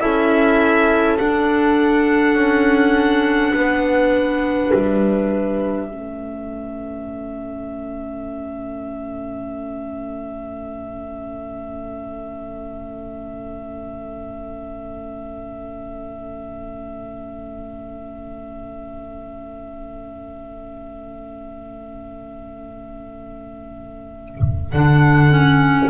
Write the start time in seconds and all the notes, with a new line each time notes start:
0.00 C#4 E4 A4 E5
1.19 D4 F#5
2.35 C#4
3.54 B3 B4
4.74 G3 E5
5.88 A3 C#4 A4
24.72 D3 D4 F#5
25.32 C#4